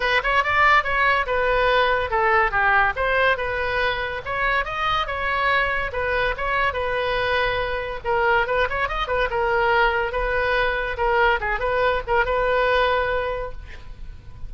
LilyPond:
\new Staff \with { instrumentName = "oboe" } { \time 4/4 \tempo 4 = 142 b'8 cis''8 d''4 cis''4 b'4~ | b'4 a'4 g'4 c''4 | b'2 cis''4 dis''4 | cis''2 b'4 cis''4 |
b'2. ais'4 | b'8 cis''8 dis''8 b'8 ais'2 | b'2 ais'4 gis'8 b'8~ | b'8 ais'8 b'2. | }